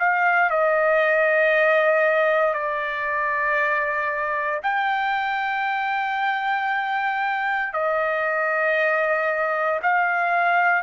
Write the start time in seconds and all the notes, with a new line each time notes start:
0.00 F5
0.51 D#5
2.54 D5
4.63 G5
7.74 D#5
9.83 F5